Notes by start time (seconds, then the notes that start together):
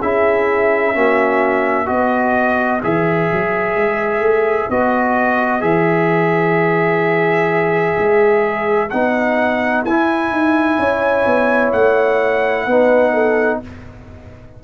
0.00 C#4 E4 G#4 E5
0.94 A#3 C#4 F#4
1.85 B3 F#4 B4 D#5
2.82 E3 G#4 E5
3.31 F#3
3.75 G#3
4.19 A3
4.69 B3 F#4 D#5
5.60 E3 G#4 E5
7.98 G#3
8.90 B3 D#4 F#5
9.84 E4 G#5
10.30 D#4
10.78 C#4 C#5
11.25 B3
11.72 A3 F#5
12.66 B3 D#4 B4
13.13 A4